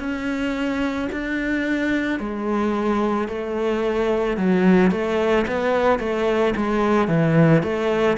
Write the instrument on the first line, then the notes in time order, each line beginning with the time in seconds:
cello
0.00 C#4
1.12 D4
2.20 G#3
3.28 A3
4.37 F#3
4.91 A3
5.47 B3
6.00 A3
6.57 G#3
7.09 E3
7.63 A3